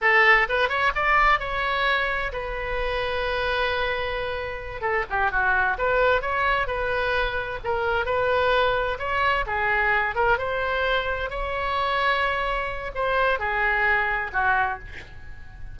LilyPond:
\new Staff \with { instrumentName = "oboe" } { \time 4/4 \tempo 4 = 130 a'4 b'8 cis''8 d''4 cis''4~ | cis''4 b'2.~ | b'2~ b'8 a'8 g'8 fis'8~ | fis'8 b'4 cis''4 b'4.~ |
b'8 ais'4 b'2 cis''8~ | cis''8 gis'4. ais'8 c''4.~ | c''8 cis''2.~ cis''8 | c''4 gis'2 fis'4 | }